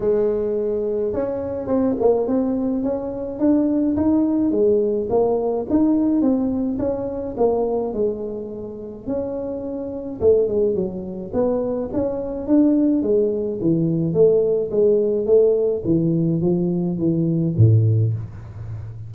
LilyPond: \new Staff \with { instrumentName = "tuba" } { \time 4/4 \tempo 4 = 106 gis2 cis'4 c'8 ais8 | c'4 cis'4 d'4 dis'4 | gis4 ais4 dis'4 c'4 | cis'4 ais4 gis2 |
cis'2 a8 gis8 fis4 | b4 cis'4 d'4 gis4 | e4 a4 gis4 a4 | e4 f4 e4 a,4 | }